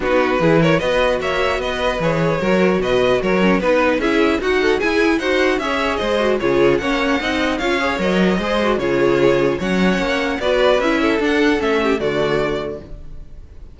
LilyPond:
<<
  \new Staff \with { instrumentName = "violin" } { \time 4/4 \tempo 4 = 150 b'4. cis''8 dis''4 e''4 | dis''4 cis''2 dis''4 | cis''4 b'4 e''4 fis''4 | gis''4 fis''4 e''4 dis''4 |
cis''4 fis''2 f''4 | dis''2 cis''2 | fis''2 d''4 e''4 | fis''4 e''4 d''2 | }
  \new Staff \with { instrumentName = "violin" } { \time 4/4 fis'4 gis'8 ais'8 b'4 cis''4 | b'2 ais'4 b'4 | ais'4 b'4 gis'4 fis'8 a'8 | gis'4 c''4 cis''4 c''4 |
gis'4 cis''4 dis''4 cis''4~ | cis''4 c''4 gis'2 | cis''2 b'4. a'8~ | a'4. g'8 fis'2 | }
  \new Staff \with { instrumentName = "viola" } { \time 4/4 dis'4 e'4 fis'2~ | fis'4 gis'4 fis'2~ | fis'8 cis'8 dis'4 e'4 fis'4 | e'4 fis'4 gis'4. fis'8 |
f'4 cis'4 dis'4 f'8 gis'8 | ais'4 gis'8 fis'8 f'2 | cis'2 fis'4 e'4 | d'4 cis'4 a2 | }
  \new Staff \with { instrumentName = "cello" } { \time 4/4 b4 e4 b4 ais4 | b4 e4 fis4 b,4 | fis4 b4 cis'4 dis'4 | e'4 dis'4 cis'4 gis4 |
cis4 ais4 c'4 cis'4 | fis4 gis4 cis2 | fis4 ais4 b4 cis'4 | d'4 a4 d2 | }
>>